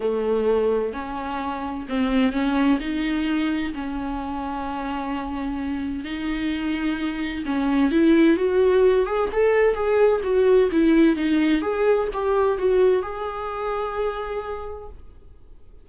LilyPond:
\new Staff \with { instrumentName = "viola" } { \time 4/4 \tempo 4 = 129 a2 cis'2 | c'4 cis'4 dis'2 | cis'1~ | cis'4 dis'2. |
cis'4 e'4 fis'4. gis'8 | a'4 gis'4 fis'4 e'4 | dis'4 gis'4 g'4 fis'4 | gis'1 | }